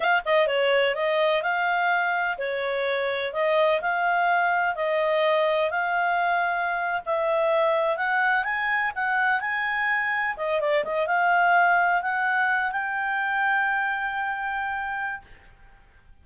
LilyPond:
\new Staff \with { instrumentName = "clarinet" } { \time 4/4 \tempo 4 = 126 f''8 dis''8 cis''4 dis''4 f''4~ | f''4 cis''2 dis''4 | f''2 dis''2 | f''2~ f''8. e''4~ e''16~ |
e''8. fis''4 gis''4 fis''4 gis''16~ | gis''4.~ gis''16 dis''8 d''8 dis''8 f''8.~ | f''4~ f''16 fis''4. g''4~ g''16~ | g''1 | }